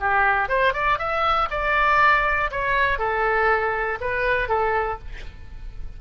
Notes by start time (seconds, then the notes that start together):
0.00 G4
0.49 C5
0.74 D5
0.99 E5
1.51 D5
2.51 C#5
2.99 A4
4.01 B4
4.49 A4